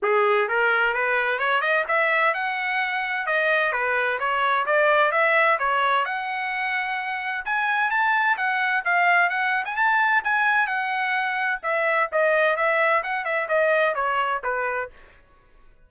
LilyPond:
\new Staff \with { instrumentName = "trumpet" } { \time 4/4 \tempo 4 = 129 gis'4 ais'4 b'4 cis''8 dis''8 | e''4 fis''2 dis''4 | b'4 cis''4 d''4 e''4 | cis''4 fis''2. |
gis''4 a''4 fis''4 f''4 | fis''8. gis''16 a''4 gis''4 fis''4~ | fis''4 e''4 dis''4 e''4 | fis''8 e''8 dis''4 cis''4 b'4 | }